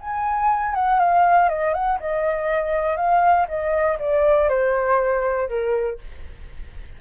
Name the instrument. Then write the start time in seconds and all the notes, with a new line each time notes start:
flute
0.00 G#5
0.74 F#5
0.99 F5
1.49 D#5
1.73 F#5
2.00 D#5
2.96 F5
3.48 D#5
3.99 D5
4.49 C5
5.48 A#4